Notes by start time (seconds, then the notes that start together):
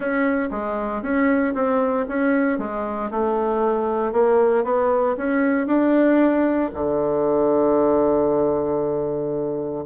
0.00 C#4
0.50 G#3
1.02 C#4
1.54 C4
2.08 C#4
2.58 G#3
3.10 A3
4.12 A#3
4.64 B3
5.17 C#4
5.66 D4
6.74 D3